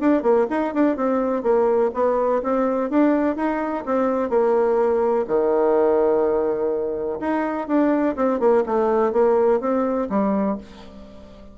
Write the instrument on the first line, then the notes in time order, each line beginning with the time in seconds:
bassoon
0.00 D4
0.22 A#3
0.50 D#4
0.74 D4
0.96 C4
1.43 A#3
1.94 B3
2.43 C4
2.90 D4
3.36 D#4
3.86 C4
4.30 A#3
5.27 D#3
7.20 D#4
7.68 D4
8.16 C4
8.40 A#3
8.66 A3
9.12 A#3
9.60 C4
10.10 G3